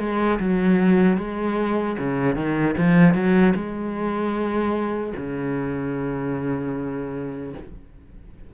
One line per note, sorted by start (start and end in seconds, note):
0.00 0.39 G#3
0.40 1.18 F#3
1.18 1.97 G#3
1.99 2.36 C#3
2.36 2.75 D#3
2.78 3.14 F3
3.14 3.54 F#3
3.56 5.14 G#3
5.17 7.54 C#3